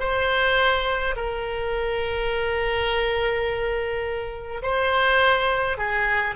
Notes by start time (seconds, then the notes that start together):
0.00 C5
1.16 A#4
4.63 C5
5.77 G#4